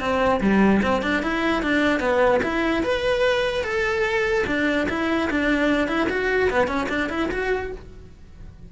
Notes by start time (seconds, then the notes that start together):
0.00 C4
0.41 G3
0.82 C4
1.02 D4
1.23 E4
1.63 D4
2.00 B3
2.43 E4
2.83 B4
3.64 A4
4.47 D4
4.89 E4
5.30 D4
5.88 E4
6.10 F#4
6.50 B3
6.67 C#4
6.89 D4
7.10 E4
7.31 F#4